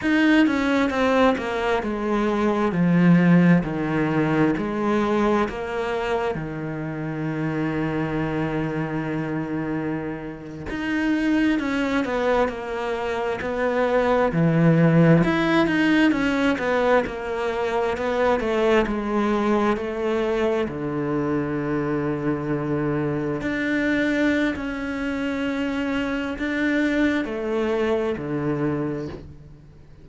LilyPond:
\new Staff \with { instrumentName = "cello" } { \time 4/4 \tempo 4 = 66 dis'8 cis'8 c'8 ais8 gis4 f4 | dis4 gis4 ais4 dis4~ | dis2.~ dis8. dis'16~ | dis'8. cis'8 b8 ais4 b4 e16~ |
e8. e'8 dis'8 cis'8 b8 ais4 b16~ | b16 a8 gis4 a4 d4~ d16~ | d4.~ d16 d'4~ d'16 cis'4~ | cis'4 d'4 a4 d4 | }